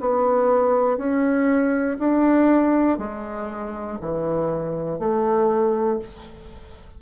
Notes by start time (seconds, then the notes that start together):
0.00 B3
0.97 C#4
1.99 D4
2.98 G#3
4.01 E3
5.00 A3